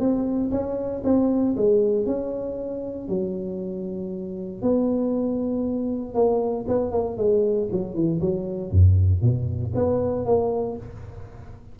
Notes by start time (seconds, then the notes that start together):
0.00 C4
0.52 C#4
1.05 C4
1.57 G#3
2.06 C#4
3.09 F#3
4.62 B3
6.15 A#3
6.69 B3
6.92 A#3
7.18 G#3
7.72 F#3
7.95 E3
8.21 F#3
8.72 F#2
9.22 B2
9.75 B3
10.26 A#3